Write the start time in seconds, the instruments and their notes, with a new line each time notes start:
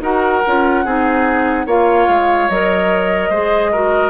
0.00 bassoon D#4, clarinet F#4, oboe A#4, flute F#5
0.46 bassoon C#4, clarinet F4
0.84 bassoon C4, clarinet D#4, oboe G#4
1.66 bassoon A#3, clarinet F4, oboe C#5, flute F5
2.08 bassoon G#3
2.49 bassoon F#3, clarinet A#4, flute D#5
3.29 bassoon G#3, clarinet G#4, oboe C5
3.71 clarinet F#4, oboe A#4